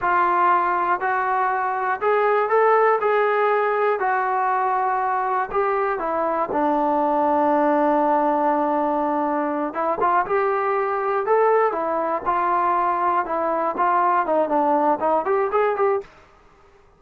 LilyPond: \new Staff \with { instrumentName = "trombone" } { \time 4/4 \tempo 4 = 120 f'2 fis'2 | gis'4 a'4 gis'2 | fis'2. g'4 | e'4 d'2.~ |
d'2.~ d'8 e'8 | f'8 g'2 a'4 e'8~ | e'8 f'2 e'4 f'8~ | f'8 dis'8 d'4 dis'8 g'8 gis'8 g'8 | }